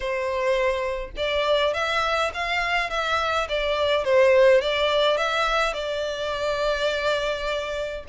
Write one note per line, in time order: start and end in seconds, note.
0.00 1.10 C5
1.16 1.73 D5
1.73 2.31 E5
2.34 2.90 F5
2.90 3.47 E5
3.48 4.04 D5
4.04 4.61 C5
4.61 5.17 D5
5.17 5.73 E5
5.73 8.04 D5